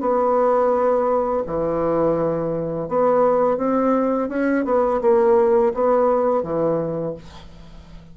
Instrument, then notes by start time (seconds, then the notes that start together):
bassoon
0.00 B3
1.46 E3
2.88 B3
3.57 C4
4.29 C#4
4.65 B3
5.01 A#3
5.74 B3
6.43 E3